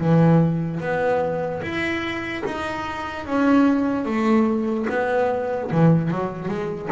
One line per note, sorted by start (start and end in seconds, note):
0.00 0.81 E3
0.81 1.62 B3
1.63 2.44 E4
2.45 3.26 D#4
3.26 4.05 C#4
4.05 4.86 A3
4.90 5.71 B3
5.72 6.11 E3
6.11 6.49 F#3
6.49 6.89 G#3